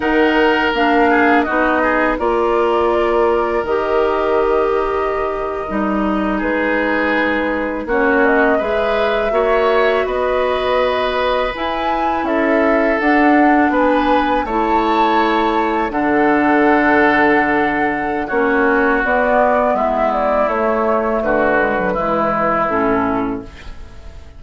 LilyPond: <<
  \new Staff \with { instrumentName = "flute" } { \time 4/4 \tempo 4 = 82 fis''4 f''4 dis''4 d''4~ | d''4 dis''2.~ | dis''8. b'2 cis''8 dis''8 e''16~ | e''4.~ e''16 dis''2 gis''16~ |
gis''8. e''4 fis''4 gis''4 a''16~ | a''4.~ a''16 fis''2~ fis''16~ | fis''4 cis''4 d''4 e''8 d''8 | cis''4 b'2 a'4 | }
  \new Staff \with { instrumentName = "oboe" } { \time 4/4 ais'4. gis'8 fis'8 gis'8 ais'4~ | ais'1~ | ais'8. gis'2 fis'4 b'16~ | b'8. cis''4 b'2~ b'16~ |
b'8. a'2 b'4 cis''16~ | cis''4.~ cis''16 a'2~ a'16~ | a'4 fis'2 e'4~ | e'4 fis'4 e'2 | }
  \new Staff \with { instrumentName = "clarinet" } { \time 4/4 dis'4 d'4 dis'4 f'4~ | f'4 g'2~ g'8. dis'16~ | dis'2~ dis'8. cis'4 gis'16~ | gis'8. fis'2. e'16~ |
e'4.~ e'16 d'2 e'16~ | e'4.~ e'16 d'2~ d'16~ | d'4 cis'4 b2 | a4. gis16 fis16 gis4 cis'4 | }
  \new Staff \with { instrumentName = "bassoon" } { \time 4/4 dis4 ais4 b4 ais4~ | ais4 dis2~ dis8. g16~ | g8. gis2 ais4 gis16~ | gis8. ais4 b2 e'16~ |
e'8. cis'4 d'4 b4 a16~ | a4.~ a16 d2~ d16~ | d4 ais4 b4 gis4 | a4 d4 e4 a,4 | }
>>